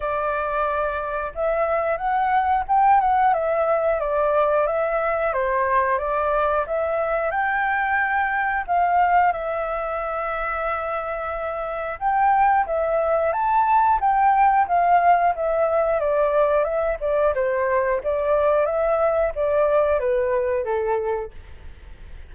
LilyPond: \new Staff \with { instrumentName = "flute" } { \time 4/4 \tempo 4 = 90 d''2 e''4 fis''4 | g''8 fis''8 e''4 d''4 e''4 | c''4 d''4 e''4 g''4~ | g''4 f''4 e''2~ |
e''2 g''4 e''4 | a''4 g''4 f''4 e''4 | d''4 e''8 d''8 c''4 d''4 | e''4 d''4 b'4 a'4 | }